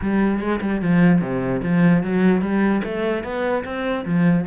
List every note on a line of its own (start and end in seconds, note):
0.01 0.39 G3
0.39 0.60 G#3
0.61 0.81 G3
0.81 1.21 F3
1.21 1.61 C3
1.62 2.03 F3
2.03 2.41 F#3
2.41 2.81 G3
2.84 3.23 A3
3.23 3.64 B3
3.64 4.04 C4
4.05 4.45 F3